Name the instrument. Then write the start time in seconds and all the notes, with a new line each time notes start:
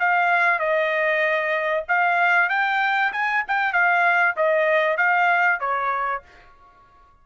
trumpet
0.00 F5
0.59 D#5
1.89 F5
2.50 G5
3.13 G#5
3.48 G5
3.73 F5
4.37 D#5
4.98 F5
5.60 C#5